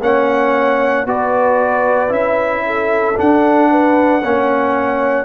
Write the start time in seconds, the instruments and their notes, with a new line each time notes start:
0.00 tuba A#3, trombone C#4, horn C#5, trumpet F#5
1.05 tuba B3, trombone F#4, horn B4, trumpet D5
2.08 tuba C#4, trombone E4, trumpet E5
2.66 horn A4
3.16 trombone D4, tuba D4, trumpet F#5
3.70 horn B4
4.21 tuba A#3, trombone C#4, horn C#5